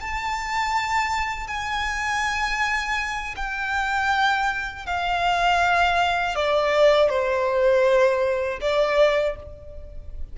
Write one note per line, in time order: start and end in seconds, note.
0.00 1.47 A5
1.47 3.35 G#5
3.36 4.86 G5
4.86 6.35 F5
6.35 7.09 D5
7.09 8.59 C5
8.61 9.36 D5